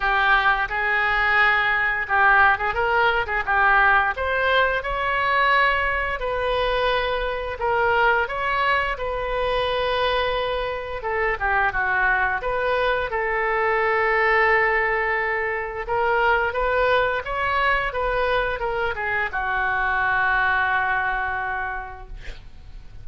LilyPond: \new Staff \with { instrumentName = "oboe" } { \time 4/4 \tempo 4 = 87 g'4 gis'2 g'8. gis'16 | ais'8. gis'16 g'4 c''4 cis''4~ | cis''4 b'2 ais'4 | cis''4 b'2. |
a'8 g'8 fis'4 b'4 a'4~ | a'2. ais'4 | b'4 cis''4 b'4 ais'8 gis'8 | fis'1 | }